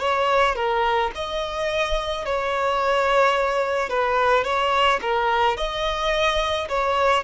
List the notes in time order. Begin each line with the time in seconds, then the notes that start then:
0.00 C#5
0.56 A#4
1.15 D#5
2.25 C#5
3.90 B4
4.44 C#5
5.02 A#4
5.57 D#5
6.69 C#5